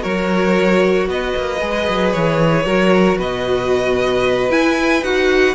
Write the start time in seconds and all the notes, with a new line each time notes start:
0.00 F#3 F#4 A#4 C#5
1.07 B3 B4 D#5
1.37 A#3
1.61 G#3 G#4
1.89 F#3
2.13 E3 C#5
2.65 F#3 F#4 A#4
3.18 B2 B4 D#5
4.50 E4 G#5
5.02 D#4 F#4 F#5